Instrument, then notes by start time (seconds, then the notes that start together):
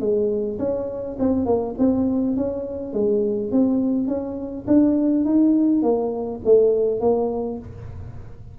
tuba
0.00 G#3
0.59 C#4
1.19 C4
1.46 A#3
1.78 C4
2.36 C#4
2.93 G#3
3.52 C4
4.08 C#4
4.67 D4
5.25 D#4
5.82 A#3
6.45 A3
7.00 A#3